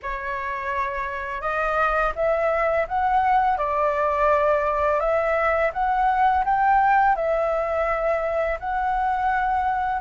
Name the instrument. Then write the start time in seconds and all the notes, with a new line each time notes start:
flute
0.02 C#5
1.41 D#5
2.15 E5
2.88 F#5
3.57 D5
4.99 E5
5.73 F#5
6.44 G5
7.15 E5
8.59 F#5